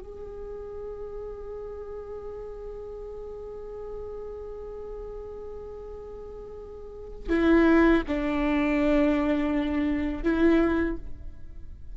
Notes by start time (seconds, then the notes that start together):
0.00 G#4
7.30 E4
8.08 D4
10.23 E4